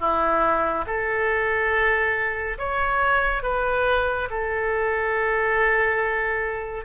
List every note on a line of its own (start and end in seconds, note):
0.00 0.86 E4
0.86 2.58 A4
2.58 3.43 C#5
3.43 4.29 B4
4.30 6.85 A4